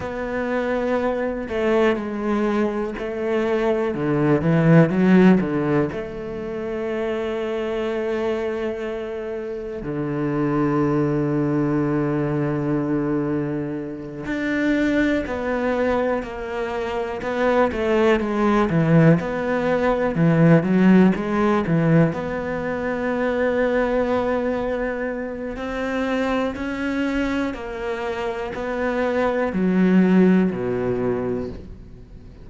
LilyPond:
\new Staff \with { instrumentName = "cello" } { \time 4/4 \tempo 4 = 61 b4. a8 gis4 a4 | d8 e8 fis8 d8 a2~ | a2 d2~ | d2~ d8 d'4 b8~ |
b8 ais4 b8 a8 gis8 e8 b8~ | b8 e8 fis8 gis8 e8 b4.~ | b2 c'4 cis'4 | ais4 b4 fis4 b,4 | }